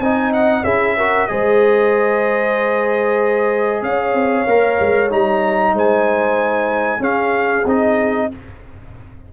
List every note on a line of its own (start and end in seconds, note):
0.00 0.64 C4
0.00 0.65 D#4
0.00 0.64 D#5
0.00 0.32 G#5
0.34 0.64 F#5
0.64 1.28 C#4
0.64 0.98 E4
0.64 0.96 G#4
0.64 1.28 E5
0.97 1.29 F#4
0.97 1.29 A#4
1.28 3.82 G#3
1.28 4.48 G#4
1.28 3.86 C5
1.28 3.83 D#5
3.82 4.14 C#4
3.82 5.75 C#5
3.82 5.11 F5
4.14 4.46 C4
4.47 4.79 A#3
4.47 5.10 A#4
4.80 5.12 G#3
5.10 5.74 G3
5.10 7.00 D#4
5.10 5.76 A#5
5.74 7.00 G#3
5.74 7.01 C5
5.74 7.03 G#5
7.00 7.64 C#4
7.00 8.28 G#4
7.00 7.67 F5
7.65 8.29 C4
7.65 8.32 D#4
7.65 8.33 D#5